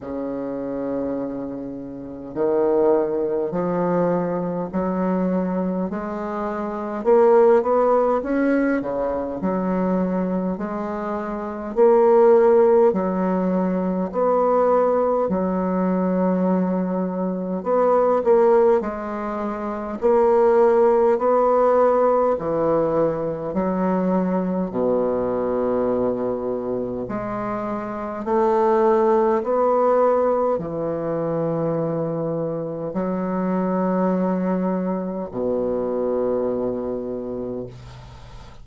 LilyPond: \new Staff \with { instrumentName = "bassoon" } { \time 4/4 \tempo 4 = 51 cis2 dis4 f4 | fis4 gis4 ais8 b8 cis'8 cis8 | fis4 gis4 ais4 fis4 | b4 fis2 b8 ais8 |
gis4 ais4 b4 e4 | fis4 b,2 gis4 | a4 b4 e2 | fis2 b,2 | }